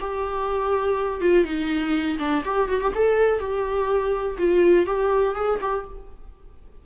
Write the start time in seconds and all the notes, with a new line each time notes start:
0.00 G4
1.21 F4
1.44 D#4
2.19 D4
2.44 G4
2.68 F#4
2.80 G4
2.94 A4
3.39 G4
4.38 F4
4.86 G4
5.35 G#4
5.61 G4